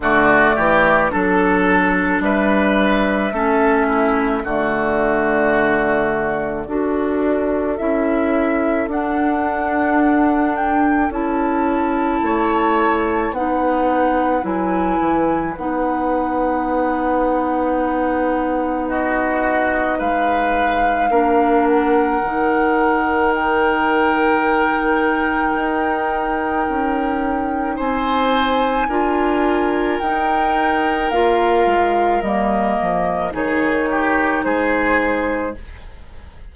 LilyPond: <<
  \new Staff \with { instrumentName = "flute" } { \time 4/4 \tempo 4 = 54 d''4 a'4 e''2 | d''2. e''4 | fis''4. g''8 a''2 | fis''4 gis''4 fis''2~ |
fis''4 dis''4 f''4. fis''8~ | fis''4 g''2.~ | g''4 gis''2 g''4 | f''4 dis''4 cis''4 c''4 | }
  \new Staff \with { instrumentName = "oboe" } { \time 4/4 fis'8 g'8 a'4 b'4 a'8 e'8 | fis'2 a'2~ | a'2. cis''4 | b'1~ |
b'4 fis'4 b'4 ais'4~ | ais'1~ | ais'4 c''4 ais'2~ | ais'2 gis'8 g'8 gis'4 | }
  \new Staff \with { instrumentName = "clarinet" } { \time 4/4 a4 d'2 cis'4 | a2 fis'4 e'4 | d'2 e'2 | dis'4 e'4 dis'2~ |
dis'2. d'4 | dis'1~ | dis'2 f'4 dis'4 | f'4 ais4 dis'2 | }
  \new Staff \with { instrumentName = "bassoon" } { \time 4/4 d8 e8 fis4 g4 a4 | d2 d'4 cis'4 | d'2 cis'4 a4 | b4 fis8 e8 b2~ |
b2 gis4 ais4 | dis2. dis'4 | cis'4 c'4 d'4 dis'4 | ais8 gis8 g8 f8 dis4 gis4 | }
>>